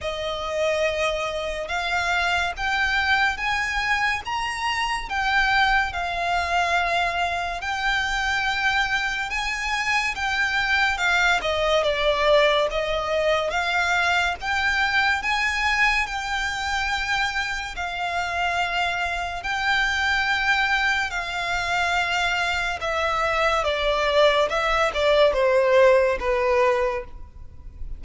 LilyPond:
\new Staff \with { instrumentName = "violin" } { \time 4/4 \tempo 4 = 71 dis''2 f''4 g''4 | gis''4 ais''4 g''4 f''4~ | f''4 g''2 gis''4 | g''4 f''8 dis''8 d''4 dis''4 |
f''4 g''4 gis''4 g''4~ | g''4 f''2 g''4~ | g''4 f''2 e''4 | d''4 e''8 d''8 c''4 b'4 | }